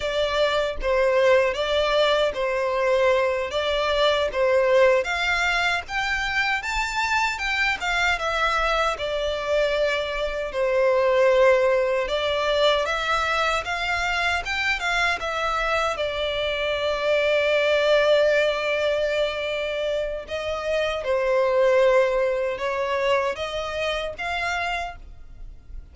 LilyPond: \new Staff \with { instrumentName = "violin" } { \time 4/4 \tempo 4 = 77 d''4 c''4 d''4 c''4~ | c''8 d''4 c''4 f''4 g''8~ | g''8 a''4 g''8 f''8 e''4 d''8~ | d''4. c''2 d''8~ |
d''8 e''4 f''4 g''8 f''8 e''8~ | e''8 d''2.~ d''8~ | d''2 dis''4 c''4~ | c''4 cis''4 dis''4 f''4 | }